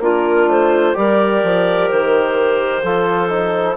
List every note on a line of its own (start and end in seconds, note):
0.00 0.47 A#3
0.00 0.94 D4
0.00 0.96 F4
0.00 0.50 A#4
0.48 0.95 A3
0.48 0.96 C5
0.94 1.43 G3
0.94 2.82 G4
0.94 2.84 A#4
0.94 1.89 D5
1.43 1.90 F3
1.89 2.84 D#3
1.89 3.77 C5
2.84 3.77 F3
2.84 3.30 F4
2.84 3.77 A4
3.30 3.77 D#4